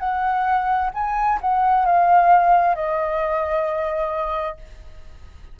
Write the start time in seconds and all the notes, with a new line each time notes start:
0.00 F#5
0.94 G#5
1.42 F#5
1.86 F5
2.76 D#5